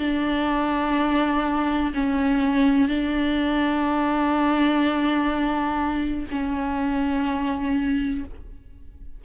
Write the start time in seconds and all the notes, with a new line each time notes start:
0.00 D4
1.95 C#4
2.89 D4
6.31 C#4